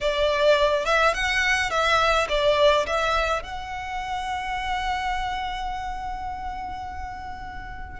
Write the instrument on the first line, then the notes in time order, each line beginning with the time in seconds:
violin
0.00 D5
0.85 E5
1.14 F#5
1.70 E5
2.28 D5
2.86 E5
3.42 F#5